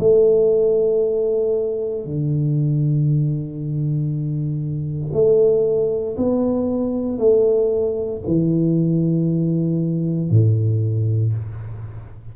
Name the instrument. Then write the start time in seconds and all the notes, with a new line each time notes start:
tuba
0.00 A3
2.05 D3
5.13 A3
6.17 B3
7.18 A3
8.27 E3
10.30 A2